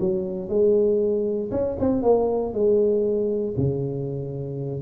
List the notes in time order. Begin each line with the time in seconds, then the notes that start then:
0.00 F#3
0.49 G#3
1.51 C#4
1.79 C4
2.02 A#3
2.53 G#3
3.57 C#3